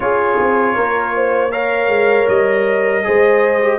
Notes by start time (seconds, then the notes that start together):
0.00 C#4 F4 G#4 C#5
0.39 C4
0.75 A#3 A#4
1.15 C5
1.51 A#4 C#5 F5
1.88 G#3
2.28 G3 D#5
3.03 G#3 G#4 C5
3.61 G4